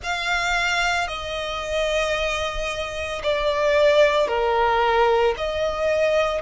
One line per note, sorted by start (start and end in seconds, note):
0.03 1.07 F5
1.07 3.21 D#5
3.23 4.27 D5
4.27 5.34 A#4
5.37 6.41 D#5